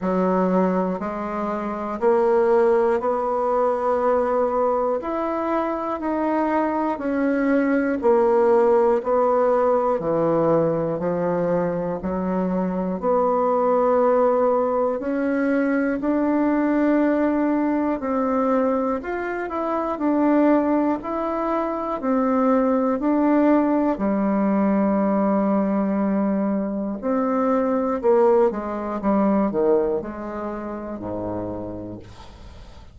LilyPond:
\new Staff \with { instrumentName = "bassoon" } { \time 4/4 \tempo 4 = 60 fis4 gis4 ais4 b4~ | b4 e'4 dis'4 cis'4 | ais4 b4 e4 f4 | fis4 b2 cis'4 |
d'2 c'4 f'8 e'8 | d'4 e'4 c'4 d'4 | g2. c'4 | ais8 gis8 g8 dis8 gis4 gis,4 | }